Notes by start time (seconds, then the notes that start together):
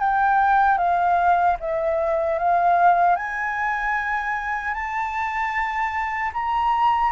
0.00 G5
0.78 F5
1.60 E5
2.39 F5
3.16 G#5
4.74 A5
6.34 A#5